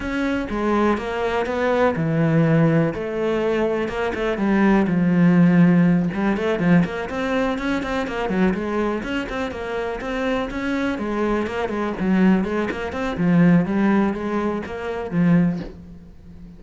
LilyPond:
\new Staff \with { instrumentName = "cello" } { \time 4/4 \tempo 4 = 123 cis'4 gis4 ais4 b4 | e2 a2 | ais8 a8 g4 f2~ | f8 g8 a8 f8 ais8 c'4 cis'8 |
c'8 ais8 fis8 gis4 cis'8 c'8 ais8~ | ais8 c'4 cis'4 gis4 ais8 | gis8 fis4 gis8 ais8 c'8 f4 | g4 gis4 ais4 f4 | }